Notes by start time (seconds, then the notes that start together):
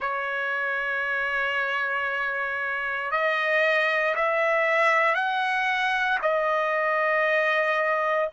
0.00 C#5
3.11 D#5
4.15 E5
5.14 F#5
6.22 D#5